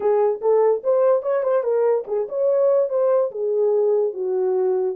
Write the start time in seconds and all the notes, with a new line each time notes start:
0.00 G#4
0.41 A4
0.83 C5
1.22 C#5
1.43 C5
1.63 A#4
2.07 G#4
2.29 C#5
2.89 C5
3.31 G#4
4.13 F#4